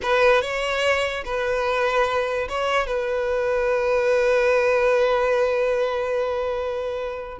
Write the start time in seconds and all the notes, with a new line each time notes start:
0.02 B4
0.41 C#5
1.24 B4
2.48 C#5
2.86 B4